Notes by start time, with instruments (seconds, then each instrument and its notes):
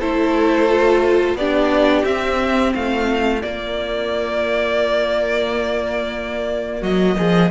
0.00 cello A3, viola E4, violin A4 C5
0.69 viola F4
1.34 cello B3, viola D4, violin G4 D5
2.05 cello C4, viola C4, violin E5
2.73 cello A3, violin F4 F5
3.42 viola A#3, cello A#3, violin D5
6.80 cello F#3, violin F#4 D#5
7.17 cello F3, violin G#4